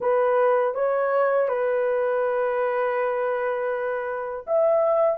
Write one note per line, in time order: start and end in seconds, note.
0.00 0.74 B4
0.74 1.48 C#5
1.48 4.44 B4
4.46 5.18 E5